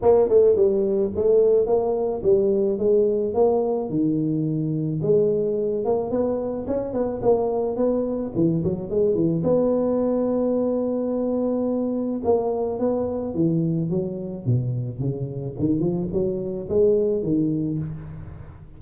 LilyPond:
\new Staff \with { instrumentName = "tuba" } { \time 4/4 \tempo 4 = 108 ais8 a8 g4 a4 ais4 | g4 gis4 ais4 dis4~ | dis4 gis4. ais8 b4 | cis'8 b8 ais4 b4 e8 fis8 |
gis8 e8 b2.~ | b2 ais4 b4 | e4 fis4 b,4 cis4 | dis8 f8 fis4 gis4 dis4 | }